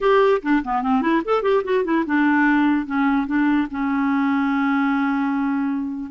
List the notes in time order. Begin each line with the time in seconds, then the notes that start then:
0.00 G4
0.42 D4
0.64 B3
0.82 C4
1.01 E4
1.24 A4
1.42 G4
1.63 F#4
1.84 E4
2.06 D4
2.86 C#4
3.26 D4
3.70 C#4